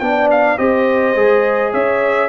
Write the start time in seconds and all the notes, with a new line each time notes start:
0.00 B3 D4 D5 G5
0.31 F5
0.58 C4 G4 C5 D#5
1.15 G#3 G#4
1.73 C#4 C#5 E5